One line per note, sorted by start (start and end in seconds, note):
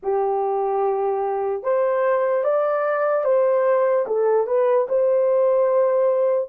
0.02 1.63 G4
1.63 2.43 C5
2.43 3.24 D5
3.24 4.05 C5
4.07 4.46 A4
4.46 4.87 B4
4.88 6.49 C5